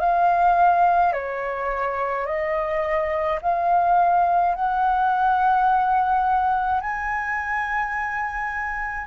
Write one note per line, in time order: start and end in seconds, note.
0.00 1.13 F5
1.13 2.26 C#5
2.26 3.39 D#5
3.42 4.54 F5
4.54 6.80 F#5
6.80 9.06 G#5